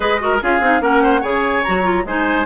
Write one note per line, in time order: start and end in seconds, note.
0.00 0.41 G#3
0.00 0.18 G#4
0.00 0.20 B4
0.00 0.41 D#5
0.19 0.40 F#4
0.19 0.42 A#4
0.41 0.60 C#4
0.41 0.62 F4
0.41 0.82 G#4
0.41 0.82 F5
0.60 0.81 C4
0.60 0.80 D#4
0.80 1.22 A#3
0.80 1.21 C#4
0.80 1.02 A#4
0.80 1.23 F#5
1.02 1.21 C5
1.21 1.63 C#3
1.21 1.63 G#4
1.21 2.03 C#5
1.21 1.64 G#5
1.64 2.04 F#3
1.64 1.83 F#4
1.64 2.05 A#5
1.83 2.03 F4
2.04 2.45 G#3
2.04 2.45 D#4
2.04 2.45 C5
2.04 2.45 G#5